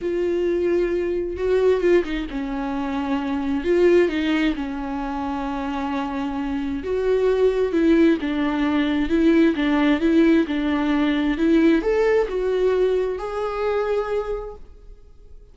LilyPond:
\new Staff \with { instrumentName = "viola" } { \time 4/4 \tempo 4 = 132 f'2. fis'4 | f'8 dis'8 cis'2. | f'4 dis'4 cis'2~ | cis'2. fis'4~ |
fis'4 e'4 d'2 | e'4 d'4 e'4 d'4~ | d'4 e'4 a'4 fis'4~ | fis'4 gis'2. | }